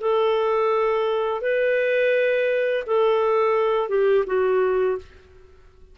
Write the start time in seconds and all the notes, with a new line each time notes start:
0.00 A4
1.41 B4
2.86 A4
3.88 G4
4.26 F#4